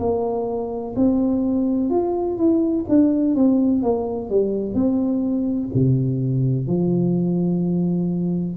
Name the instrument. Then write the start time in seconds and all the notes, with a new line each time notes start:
tuba
0.00 A#3
0.96 C4
1.90 F4
2.38 E4
2.89 D4
3.35 C4
3.83 A#3
4.30 G3
4.74 C4
5.74 C3
6.68 F3